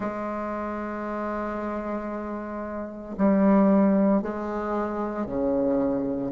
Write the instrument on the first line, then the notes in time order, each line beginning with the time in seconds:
bassoon
0.00 G#3
3.17 G3
4.22 G#3
5.26 C#3